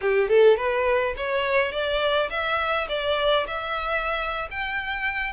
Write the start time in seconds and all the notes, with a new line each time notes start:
0.01 G4
0.28 A4
0.56 B4
1.17 C#5
1.72 D5
2.29 E5
2.88 D5
3.47 E5
4.50 G5